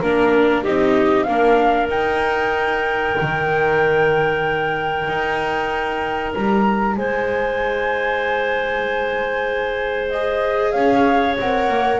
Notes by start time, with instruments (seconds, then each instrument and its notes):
0.00 double bass A#3, viola D4, flute A#4, clarinet A#4
0.63 double bass C4, viola D#4, clarinet G4, flute D#5
1.23 double bass A#3, viola D4, clarinet A#4, flute F5
1.90 double bass D#4, viola D#4, flute G5
3.21 double bass D#3
5.08 double bass D#4
6.34 double bass G3, flute A#5
6.96 double bass G#3, clarinet C5, flute G#5
10.10 viola G#4, flute D#5
10.72 double bass C#4, clarinet C#5, flute F5
11.39 double bass C4, viola A#4, flute F#5
11.68 double bass A#3